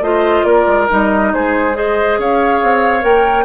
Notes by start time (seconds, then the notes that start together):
0.00 A3 F4 C5 D#5
0.44 A#3 A#4 D5
0.66 G#3
0.88 G3 D#4 D#5
1.33 G#3 G#4 C5
1.73 G#4 C5 D#5
2.18 C#4 C#5 F5
2.62 C4
3.01 A#3 A#4 G5